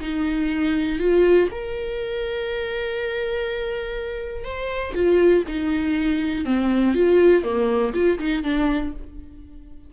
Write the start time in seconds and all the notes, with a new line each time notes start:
0.00 D#4
0.99 F4
1.51 A#4
4.44 C5
4.94 F4
5.47 D#4
6.45 C4
6.94 F4
7.43 A#3
7.93 F4
8.18 D#4
8.43 D4